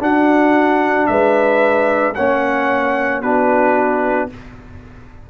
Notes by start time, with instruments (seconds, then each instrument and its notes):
0.00 trombone D4, tuba D4, horn F#4, trumpet F#5
1.07 tuba G#3, horn B4, trumpet E5
2.15 tuba A#3, trombone C#4, horn C#5, trumpet F#5
3.22 tuba B3, trombone D4, horn F#4, trumpet B4